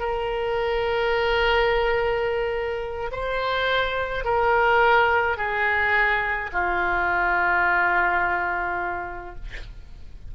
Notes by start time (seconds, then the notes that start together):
0.00 A#4
3.12 C5
4.25 A#4
5.38 G#4
6.53 F4